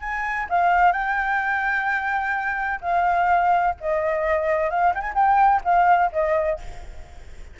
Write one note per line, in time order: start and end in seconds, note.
0.00 0.47 G#5
0.49 0.92 F5
0.92 2.80 G5
2.81 3.75 F5
3.80 4.70 D#5
4.70 4.94 F5
4.94 5.01 G5
5.01 5.13 G#5
5.15 5.61 G5
5.64 6.11 F5
6.12 6.59 D#5